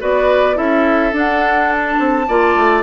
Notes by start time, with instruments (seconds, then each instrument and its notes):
0.00 bassoon B3, clarinet F#4, oboe B4, flute D5
0.55 bassoon C#4, clarinet E4, oboe A4, flute E5
1.12 bassoon D4, clarinet D4, flute F#5
1.72 flute A5
1.99 bassoon C4
2.28 bassoon A#3, clarinet F4, oboe D5
2.56 bassoon A3